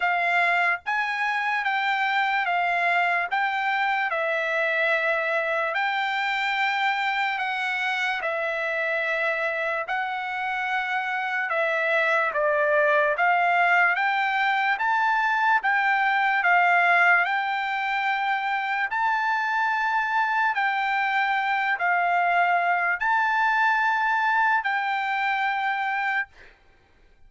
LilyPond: \new Staff \with { instrumentName = "trumpet" } { \time 4/4 \tempo 4 = 73 f''4 gis''4 g''4 f''4 | g''4 e''2 g''4~ | g''4 fis''4 e''2 | fis''2 e''4 d''4 |
f''4 g''4 a''4 g''4 | f''4 g''2 a''4~ | a''4 g''4. f''4. | a''2 g''2 | }